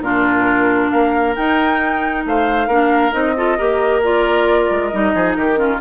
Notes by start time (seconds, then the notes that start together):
0.00 A#2 D4 F4 A#4
0.90 A#3 A#4 F5
1.35 D#4 G5
2.25 A3 C5 F5
2.67 A#3 D4 A#4
3.12 C4 D#4 D#5
3.36 F4 A4
3.57 A#3 G4 A#4
4.03 F4 D5
4.70 G#3
4.88 G3 D#4 D#5
5.14 F3 G#4
5.35 D#3 G4 A#4
5.55 C#4 F4